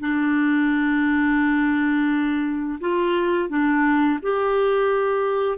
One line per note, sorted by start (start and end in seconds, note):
0.00 2.79 D4
2.80 3.49 F4
3.49 4.19 D4
4.22 5.58 G4